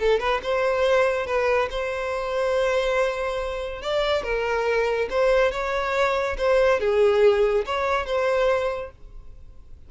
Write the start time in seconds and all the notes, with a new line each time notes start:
0.00 A4
0.20 B4
0.43 C5
1.27 B4
1.71 C5
3.82 D5
4.24 A#4
5.10 C5
5.52 C#5
6.38 C5
6.80 G#4
7.66 C#5
8.06 C5